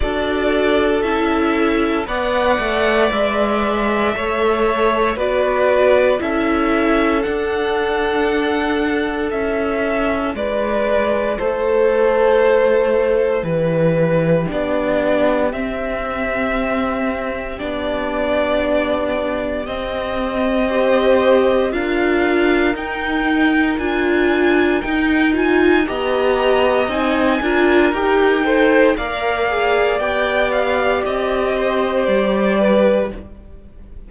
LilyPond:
<<
  \new Staff \with { instrumentName = "violin" } { \time 4/4 \tempo 4 = 58 d''4 e''4 fis''4 e''4~ | e''4 d''4 e''4 fis''4~ | fis''4 e''4 d''4 c''4~ | c''4 b'4 d''4 e''4~ |
e''4 d''2 dis''4~ | dis''4 f''4 g''4 gis''4 | g''8 gis''8 ais''4 gis''4 g''4 | f''4 g''8 f''8 dis''4 d''4 | }
  \new Staff \with { instrumentName = "violin" } { \time 4/4 a'2 d''2 | cis''4 b'4 a'2~ | a'2 b'4 a'4~ | a'4 g'2.~ |
g'1 | c''4 ais'2.~ | ais'4 dis''4. ais'4 c''8 | d''2~ d''8 c''4 b'8 | }
  \new Staff \with { instrumentName = "viola" } { \time 4/4 fis'4 e'4 b'2 | a'4 fis'4 e'4 d'4~ | d'4 e'2.~ | e'2 d'4 c'4~ |
c'4 d'2 c'4 | g'4 f'4 dis'4 f'4 | dis'8 f'8 g'4 dis'8 f'8 g'8 a'8 | ais'8 gis'8 g'2. | }
  \new Staff \with { instrumentName = "cello" } { \time 4/4 d'4 cis'4 b8 a8 gis4 | a4 b4 cis'4 d'4~ | d'4 cis'4 gis4 a4~ | a4 e4 b4 c'4~ |
c'4 b2 c'4~ | c'4 d'4 dis'4 d'4 | dis'4 b4 c'8 d'8 dis'4 | ais4 b4 c'4 g4 | }
>>